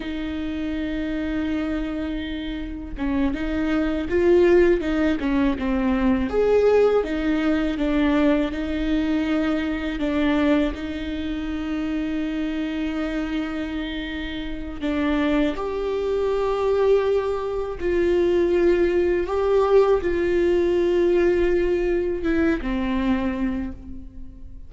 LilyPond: \new Staff \with { instrumentName = "viola" } { \time 4/4 \tempo 4 = 81 dis'1 | cis'8 dis'4 f'4 dis'8 cis'8 c'8~ | c'8 gis'4 dis'4 d'4 dis'8~ | dis'4. d'4 dis'4.~ |
dis'1 | d'4 g'2. | f'2 g'4 f'4~ | f'2 e'8 c'4. | }